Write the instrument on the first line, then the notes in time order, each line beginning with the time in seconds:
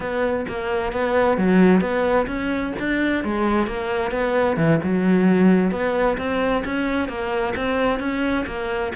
cello
0.00 B3
0.48 A#3
0.92 B3
1.37 F#3
1.80 B3
2.27 C#4
2.79 D4
3.24 G#3
3.66 A#3
4.11 B3
4.56 E3
4.83 F#3
5.71 B3
6.17 C4
6.64 C#4
7.08 A#3
7.56 C4
7.99 C#4
8.46 A#3